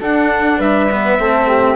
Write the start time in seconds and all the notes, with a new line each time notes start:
0.00 D4 A4 F#5
0.58 G3 B4 E5
0.91 B3
1.19 A3 C4 A4
1.48 G4